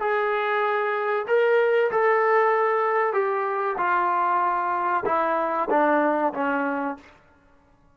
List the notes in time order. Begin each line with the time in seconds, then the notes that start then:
0.00 G#4
1.28 A#4
1.91 A4
3.13 G4
3.78 F4
5.06 E4
5.70 D4
6.34 C#4